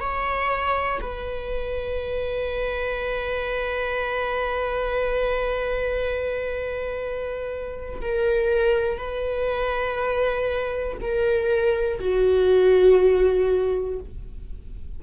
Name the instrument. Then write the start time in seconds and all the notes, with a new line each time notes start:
viola
0.00 C#5
1.00 B4
8.01 A#4
8.97 B4
11.01 A#4
12.00 F#4